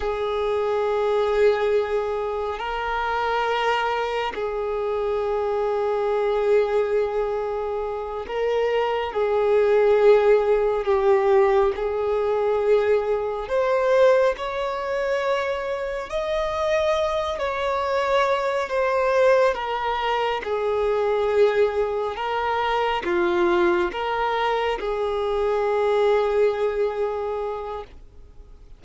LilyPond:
\new Staff \with { instrumentName = "violin" } { \time 4/4 \tempo 4 = 69 gis'2. ais'4~ | ais'4 gis'2.~ | gis'4. ais'4 gis'4.~ | gis'8 g'4 gis'2 c''8~ |
c''8 cis''2 dis''4. | cis''4. c''4 ais'4 gis'8~ | gis'4. ais'4 f'4 ais'8~ | ais'8 gis'2.~ gis'8 | }